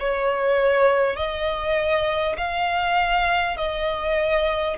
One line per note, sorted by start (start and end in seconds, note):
0.00 1.16 C#5
1.16 2.36 D#5
2.38 3.57 F5
3.57 4.77 D#5